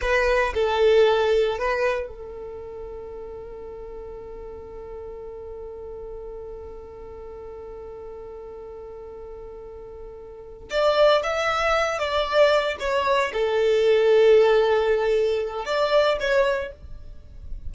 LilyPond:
\new Staff \with { instrumentName = "violin" } { \time 4/4 \tempo 4 = 115 b'4 a'2 b'4 | a'1~ | a'1~ | a'1~ |
a'1~ | a'8 d''4 e''4. d''4~ | d''8 cis''4 a'2~ a'8~ | a'2 d''4 cis''4 | }